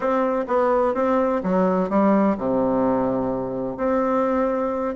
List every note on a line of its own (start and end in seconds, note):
0.00 0.45 C4
0.47 0.94 B3
0.94 1.41 C4
1.43 1.89 F#3
1.89 2.36 G3
2.37 3.77 C3
3.77 4.95 C4